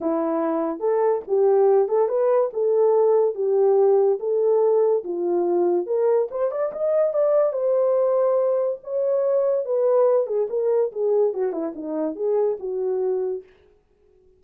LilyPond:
\new Staff \with { instrumentName = "horn" } { \time 4/4 \tempo 4 = 143 e'2 a'4 g'4~ | g'8 a'8 b'4 a'2 | g'2 a'2 | f'2 ais'4 c''8 d''8 |
dis''4 d''4 c''2~ | c''4 cis''2 b'4~ | b'8 gis'8 ais'4 gis'4 fis'8 e'8 | dis'4 gis'4 fis'2 | }